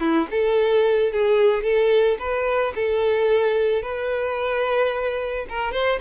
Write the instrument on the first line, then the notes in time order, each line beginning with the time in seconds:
violin
0.00 E4
0.31 A4
1.13 G#4
1.63 A4
2.19 B4
2.76 A4
3.82 B4
5.49 A#4
5.72 C5